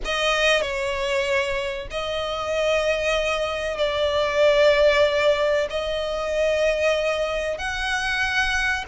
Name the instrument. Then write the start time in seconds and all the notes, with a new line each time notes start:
violin
0.04 D#5
0.61 C#5
1.90 D#5
3.77 D5
5.70 D#5
7.58 F#5